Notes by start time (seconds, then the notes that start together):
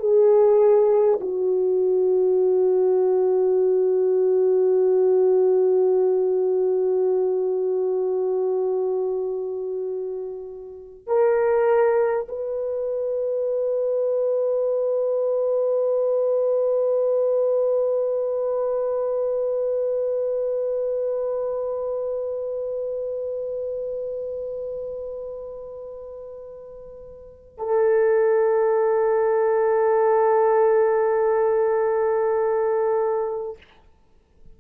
0.00 G#4
1.21 F#4
11.07 A#4
12.29 B4
27.58 A4